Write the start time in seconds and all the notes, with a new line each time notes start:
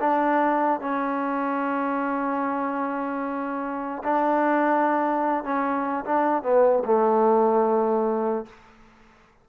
0.00 D4
0.81 C#4
4.04 D4
5.44 C#4
6.05 D4
6.43 B3
6.85 A3